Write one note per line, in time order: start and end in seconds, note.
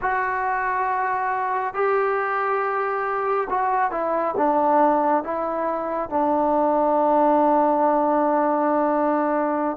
0.01 1.74 F#4
1.74 3.48 G4
3.49 3.91 F#4
3.91 4.34 E4
4.37 5.23 D4
5.23 6.09 E4
6.09 9.77 D4